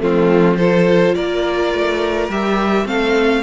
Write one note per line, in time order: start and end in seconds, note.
0.00 1.16 F3
0.00 0.57 A3
0.00 0.58 C4
0.00 0.58 F4
0.58 2.31 F4
0.58 1.15 A4
0.58 1.15 C5
1.15 1.74 A#3
1.15 2.86 A#4
1.15 2.30 D5
1.74 2.29 A3
2.29 2.85 G3
2.29 2.85 G4
2.29 2.87 E5
2.85 3.42 A3
2.85 3.42 C4
2.85 3.43 A4
2.85 3.43 F5